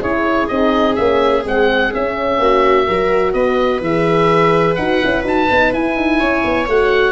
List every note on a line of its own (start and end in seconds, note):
0.00 0.48 C#4
0.00 0.49 E4
0.00 2.39 G#4
0.00 0.48 C#5
0.48 0.98 C4
0.48 0.96 D#4
0.48 0.95 D#5
0.95 1.45 A#3
0.95 1.43 C#4
0.95 1.43 E5
1.43 1.93 G#3
1.43 1.91 C4
1.43 1.94 F#5
1.91 2.86 C#4
1.91 2.39 C#4
1.91 3.33 E5
2.39 2.87 A#3
2.39 2.87 F#4
2.87 3.34 F#3
2.87 3.83 F#4
2.87 3.34 A#4
3.33 3.81 B3
3.33 6.19 B4
3.33 3.81 D#5
3.81 4.76 E3
3.81 4.79 G#4
3.81 4.75 E5
4.75 5.02 D#4
4.75 5.03 F#4
4.75 5.23 F#5
5.03 5.24 C#4
5.03 5.23 E4
5.23 5.48 D#4
5.23 5.47 F#4
5.23 5.73 A5
5.49 5.73 B3
5.49 5.73 D#4
5.73 5.96 E4
5.73 6.68 E4
5.73 6.69 G#5
5.96 6.20 D#4
6.19 6.44 C#4
6.19 7.12 C#5
6.44 6.68 B3
6.68 7.12 A3
6.68 7.12 F#4
6.68 7.12 F#5